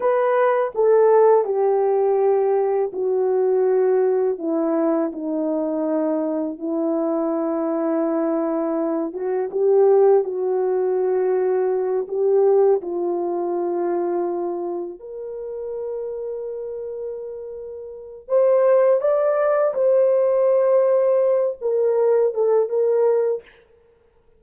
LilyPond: \new Staff \with { instrumentName = "horn" } { \time 4/4 \tempo 4 = 82 b'4 a'4 g'2 | fis'2 e'4 dis'4~ | dis'4 e'2.~ | e'8 fis'8 g'4 fis'2~ |
fis'8 g'4 f'2~ f'8~ | f'8 ais'2.~ ais'8~ | ais'4 c''4 d''4 c''4~ | c''4. ais'4 a'8 ais'4 | }